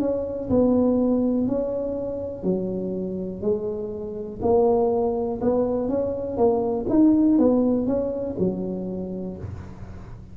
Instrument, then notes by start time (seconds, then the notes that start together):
tuba
0.00 C#4
0.50 B3
1.47 C#4
2.43 F#3
3.42 G#3
4.42 A#3
5.41 B3
5.89 C#4
6.37 A#3
6.89 D#4
7.39 B3
7.86 C#4
8.39 F#3